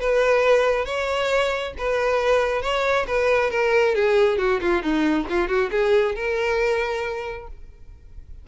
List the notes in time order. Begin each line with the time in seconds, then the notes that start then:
0.00 B4
0.85 C#5
1.78 B4
2.62 C#5
3.07 B4
3.51 A#4
3.95 G#4
4.38 F#4
4.61 F4
4.82 D#4
5.29 F4
5.48 F#4
5.71 G#4
6.15 A#4